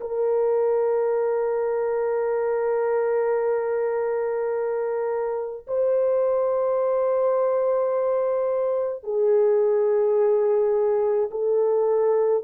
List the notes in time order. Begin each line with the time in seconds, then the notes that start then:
0.00 A#4
5.67 C5
9.03 G#4
11.31 A4